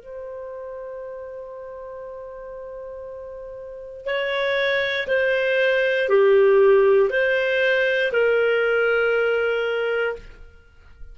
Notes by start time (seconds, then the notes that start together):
0.00 C5
4.06 C#5
5.08 C5
6.09 G4
7.10 C5
8.13 A#4